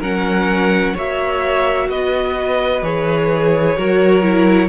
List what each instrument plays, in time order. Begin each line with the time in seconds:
0.00 cello F#3, viola C#4, violin A#4 F#5
0.94 cello A#3, viola F#4, violin C#5 E5
1.89 cello B3, violin B4 D#5
2.82 cello E3, viola G#4, violin C#5
3.78 cello F#3, viola F#4, violin A#4
4.23 viola E4